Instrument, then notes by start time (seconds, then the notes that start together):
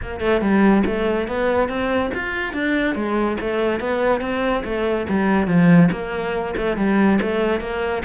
cello
0.02 A#3
0.20 A3
0.41 G3
0.86 A3
1.27 B3
1.68 C4
2.14 F4
2.53 D4
2.95 G#3
3.40 A3
3.80 B3
4.21 C4
4.64 A3
5.09 G3
5.47 F3
5.91 A#3
6.56 A3
6.76 G3
7.21 A3
7.60 A#3